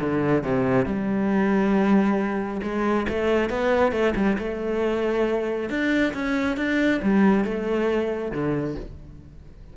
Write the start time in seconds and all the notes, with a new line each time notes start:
0.00 D3
0.43 C3
0.86 G3
2.63 G#3
3.09 A3
3.50 B3
3.92 A3
4.15 G3
4.39 A3
5.70 D4
6.14 C#4
6.57 D4
7.03 G3
7.45 A3
8.32 D3